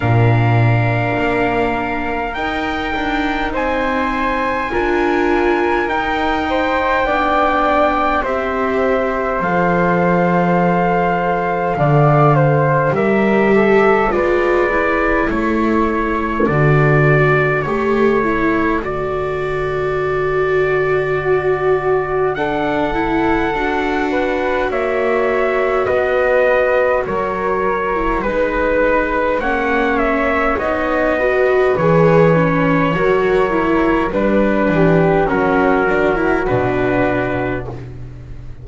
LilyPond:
<<
  \new Staff \with { instrumentName = "trumpet" } { \time 4/4 \tempo 4 = 51 f''2 g''4 gis''4~ | gis''4 g''2 e''4 | f''2. e''4 | d''4 cis''4 d''4 cis''4 |
d''2. fis''4~ | fis''4 e''4 dis''4 cis''4 | b'4 fis''8 e''8 dis''4 cis''4~ | cis''4 b'4 ais'4 b'4 | }
  \new Staff \with { instrumentName = "flute" } { \time 4/4 ais'2. c''4 | ais'4. c''8 d''4 c''4~ | c''2 d''8 c''8 ais'8 a'8 | b'4 a'2.~ |
a'2 fis'4 a'4~ | a'8 b'8 cis''4 b'4 ais'4 | b'4 cis''4. b'4. | ais'4 b'8 g'8 fis'2 | }
  \new Staff \with { instrumentName = "viola" } { \time 4/4 d'2 dis'2 | f'4 dis'4 d'4 g'4 | a'2. g'4 | f'8 e'4. fis'4 g'8 e'8 |
fis'2. d'8 e'8 | fis'2.~ fis'8. e'16 | dis'4 cis'4 dis'8 fis'8 gis'8 cis'8 | fis'8 e'8 d'4 cis'8 d'16 e'16 d'4 | }
  \new Staff \with { instrumentName = "double bass" } { \time 4/4 ais,4 ais4 dis'8 d'8 c'4 | d'4 dis'4 b4 c'4 | f2 d4 g4 | gis4 a4 d4 a4 |
d1 | d'4 ais4 b4 fis4 | gis4 ais4 b4 e4 | fis4 g8 e8 fis4 b,4 | }
>>